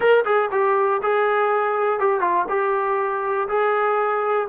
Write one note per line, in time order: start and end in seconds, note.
0.00 0.24 A#4
0.25 0.50 G#4
0.51 1.01 G4
1.02 1.99 G#4
1.99 2.20 G4
2.20 2.45 F4
2.48 3.47 G4
3.48 4.47 G#4